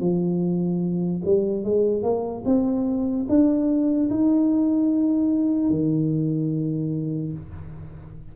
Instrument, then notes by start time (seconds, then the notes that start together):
tuba
0.00 F3
1.25 G3
1.64 G#3
2.03 A#3
2.45 C4
3.29 D4
4.10 D#4
5.70 D#3